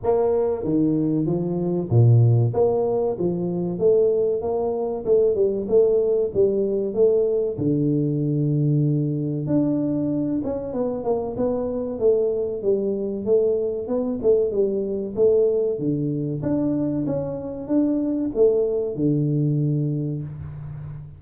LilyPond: \new Staff \with { instrumentName = "tuba" } { \time 4/4 \tempo 4 = 95 ais4 dis4 f4 ais,4 | ais4 f4 a4 ais4 | a8 g8 a4 g4 a4 | d2. d'4~ |
d'8 cis'8 b8 ais8 b4 a4 | g4 a4 b8 a8 g4 | a4 d4 d'4 cis'4 | d'4 a4 d2 | }